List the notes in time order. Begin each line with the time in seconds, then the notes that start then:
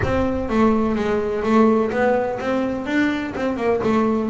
0.03 C4
0.49 A3
0.95 G#3
1.43 A3
1.91 B3
2.39 C4
2.86 D4
3.35 C4
3.56 A#3
3.83 A3